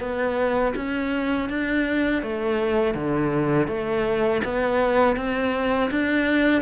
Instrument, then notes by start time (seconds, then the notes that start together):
cello
0.00 B3
0.76 C#4
1.49 D4
2.23 A3
2.95 D3
3.68 A3
4.45 B3
5.17 C4
5.91 D4